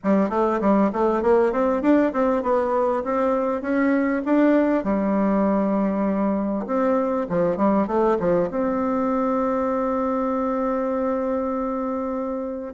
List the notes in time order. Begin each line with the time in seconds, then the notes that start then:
0.03 G3
0.29 A3
0.60 G3
0.93 A3
1.22 A#3
1.52 C4
1.82 D4
2.12 C4
2.42 B3
3.04 C4
3.61 C#4
4.25 D4
4.83 G3
6.66 C4
7.29 F3
7.56 G3
7.87 A3
8.19 F3
8.50 C4